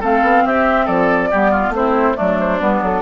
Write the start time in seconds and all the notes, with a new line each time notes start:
0.00 A3 C4 A4 F5
0.22 B3
0.45 C4 G4 E5
0.86 F3 A4 D5
1.31 G3 B3 G4
1.51 F4
1.70 A3 C4 C5
1.77 E4
2.15 F#3 A3 D4 D5
2.40 C5
2.60 G3 B3 B4
2.82 F#3 A4